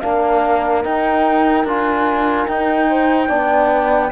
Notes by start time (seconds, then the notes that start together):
0.00 A#3 D4 A#4 F5
0.83 D#4 G5
1.64 D4 F4 G#5
2.47 D#4 G5
2.89 C5
3.28 B3 D4 D5